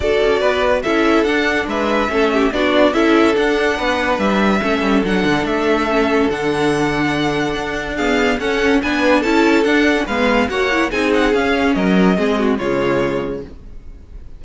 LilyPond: <<
  \new Staff \with { instrumentName = "violin" } { \time 4/4 \tempo 4 = 143 d''2 e''4 fis''4 | e''2 d''4 e''4 | fis''2 e''2 | fis''4 e''2 fis''4~ |
fis''2. f''4 | fis''4 gis''4 a''4 fis''4 | f''4 fis''4 gis''8 fis''8 f''4 | dis''2 cis''2 | }
  \new Staff \with { instrumentName = "violin" } { \time 4/4 a'4 b'4 a'2 | b'4 a'8 g'8 fis'4 a'4~ | a'4 b'2 a'4~ | a'1~ |
a'2. gis'4 | a'4 b'4 a'2 | b'4 cis''4 gis'2 | ais'4 gis'8 fis'8 f'2 | }
  \new Staff \with { instrumentName = "viola" } { \time 4/4 fis'2 e'4 d'4~ | d'4 cis'4 d'4 e'4 | d'2. cis'4 | d'2 cis'4 d'4~ |
d'2. b4 | cis'4 d'4 e'4 d'8. cis'16 | b4 fis'8 e'8 dis'4 cis'4~ | cis'4 c'4 gis2 | }
  \new Staff \with { instrumentName = "cello" } { \time 4/4 d'8 cis'8 b4 cis'4 d'4 | gis4 a4 b4 cis'4 | d'4 b4 g4 a8 g8 | fis8 d8 a2 d4~ |
d2 d'2 | cis'4 b4 cis'4 d'4 | gis4 ais4 c'4 cis'4 | fis4 gis4 cis2 | }
>>